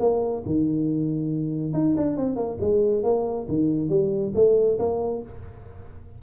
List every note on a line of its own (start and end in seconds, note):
0.00 0.43 A#3
0.46 1.74 D#3
1.74 1.95 D#4
1.97 2.17 D4
2.17 2.36 C4
2.36 2.58 A#3
2.61 3.04 G#3
3.04 3.47 A#3
3.48 3.90 D#3
3.90 4.33 G3
4.35 4.78 A3
4.79 5.23 A#3